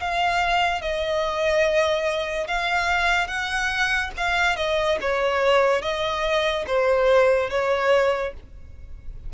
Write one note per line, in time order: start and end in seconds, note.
0.00 0.81 F5
0.81 2.47 D#5
2.47 3.27 F5
3.27 4.11 F#5
4.17 4.56 F5
4.56 4.98 D#5
5.00 5.81 C#5
5.81 6.65 D#5
6.67 7.50 C5
7.50 8.33 C#5